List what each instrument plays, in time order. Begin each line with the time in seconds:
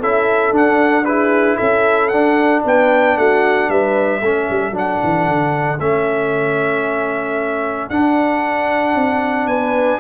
0.00 tuba C#4, trombone E4, horn A4, trumpet E5
0.51 tuba D4, trombone D4, trumpet F#5
1.05 trombone E4, horn G#4, trumpet B4
1.56 tuba C#4, horn A4, trumpet E5
2.09 trombone D4, tuba D4, trumpet F#5
2.65 tuba B3, horn B4, trumpet G5
3.17 tuba A3, horn F#4, trumpet F#5
3.69 tuba G3, horn B4, trumpet E5
4.21 tuba A3, trombone C#4, horn A4
4.50 tuba G3
4.71 tuba F#3, trombone D4
4.78 trumpet F#5
5.04 tuba E3
5.28 tuba D3
5.79 tuba A3, trombone C#4, trumpet E5
7.90 tuba D4, trombone D4, trumpet F#5
8.95 tuba C4
9.47 tuba B3, horn B4, trumpet G#5